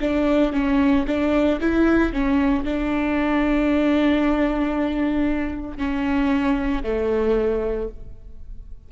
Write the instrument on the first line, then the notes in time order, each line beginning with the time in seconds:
viola
0.00 D4
0.53 C#4
1.07 D4
1.60 E4
2.12 C#4
2.64 D4
5.77 C#4
6.83 A3